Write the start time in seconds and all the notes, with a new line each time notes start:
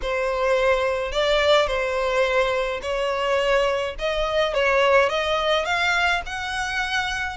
0.02 C5
1.12 D5
1.67 C5
2.81 C#5
3.99 D#5
4.53 C#5
5.09 D#5
5.64 F5
6.25 F#5